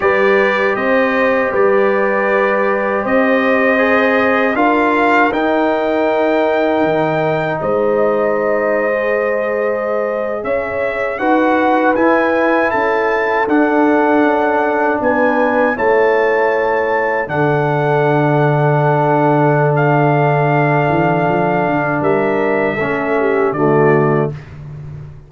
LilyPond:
<<
  \new Staff \with { instrumentName = "trumpet" } { \time 4/4 \tempo 4 = 79 d''4 dis''4 d''2 | dis''2 f''4 g''4~ | g''2 dis''2~ | dis''4.~ dis''16 e''4 fis''4 gis''16~ |
gis''8. a''4 fis''2 gis''16~ | gis''8. a''2 fis''4~ fis''16~ | fis''2 f''2~ | f''4 e''2 d''4 | }
  \new Staff \with { instrumentName = "horn" } { \time 4/4 b'4 c''4 b'2 | c''2 ais'2~ | ais'2 c''2~ | c''4.~ c''16 cis''4 b'4~ b'16~ |
b'8. a'2. b'16~ | b'8. cis''2 a'4~ a'16~ | a'1~ | a'4 ais'4 a'8 g'8 fis'4 | }
  \new Staff \with { instrumentName = "trombone" } { \time 4/4 g'1~ | g'4 gis'4 f'4 dis'4~ | dis'2.~ dis'8. gis'16~ | gis'2~ gis'8. fis'4 e'16~ |
e'4.~ e'16 d'2~ d'16~ | d'8. e'2 d'4~ d'16~ | d'1~ | d'2 cis'4 a4 | }
  \new Staff \with { instrumentName = "tuba" } { \time 4/4 g4 c'4 g2 | c'2 d'4 dis'4~ | dis'4 dis4 gis2~ | gis4.~ gis16 cis'4 dis'4 e'16~ |
e'8. cis'4 d'4 cis'4 b16~ | b8. a2 d4~ d16~ | d2.~ d8 e8 | f8 d8 g4 a4 d4 | }
>>